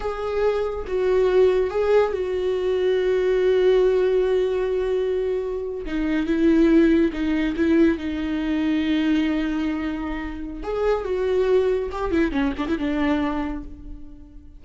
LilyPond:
\new Staff \with { instrumentName = "viola" } { \time 4/4 \tempo 4 = 141 gis'2 fis'2 | gis'4 fis'2.~ | fis'1~ | fis'4.~ fis'16 dis'4 e'4~ e'16~ |
e'8. dis'4 e'4 dis'4~ dis'16~ | dis'1~ | dis'4 gis'4 fis'2 | g'8 e'8 cis'8 d'16 e'16 d'2 | }